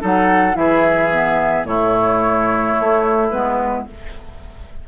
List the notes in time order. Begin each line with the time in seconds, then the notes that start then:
0.00 F#3 D#4 A4 F#5
0.53 E3 E4 G#4 E5
1.12 B3
1.64 A2 A3 E4 C#5
2.80 A3
3.30 G#3 B3 B4